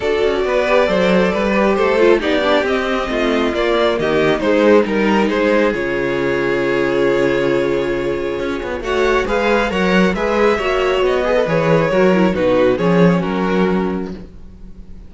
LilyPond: <<
  \new Staff \with { instrumentName = "violin" } { \time 4/4 \tempo 4 = 136 d''1 | c''4 d''4 dis''2 | d''4 dis''4 c''4 ais'4 | c''4 cis''2.~ |
cis''1 | fis''4 f''4 fis''4 e''4~ | e''4 dis''4 cis''2 | b'4 cis''4 ais'2 | }
  \new Staff \with { instrumentName = "violin" } { \time 4/4 a'4 b'4 c''4 b'4 | a'4 g'2 f'4~ | f'4 g'4 dis'4 ais'4 | gis'1~ |
gis'1 | cis''4 b'4 cis''4 b'4 | cis''4. b'4. ais'4 | fis'4 gis'4 fis'2 | }
  \new Staff \with { instrumentName = "viola" } { \time 4/4 fis'4. g'8 a'4. g'8~ | g'8 f'8 dis'8 d'8 c'2 | ais2 gis4 dis'4~ | dis'4 f'2.~ |
f'1 | fis'4 gis'4 ais'4 gis'4 | fis'4. gis'16 a'16 gis'4 fis'8 e'8 | dis'4 cis'2. | }
  \new Staff \with { instrumentName = "cello" } { \time 4/4 d'8 cis'8 b4 fis4 g4 | a4 b4 c'4 a4 | ais4 dis4 gis4 g4 | gis4 cis2.~ |
cis2. cis'8 b8 | a4 gis4 fis4 gis4 | ais4 b4 e4 fis4 | b,4 f4 fis2 | }
>>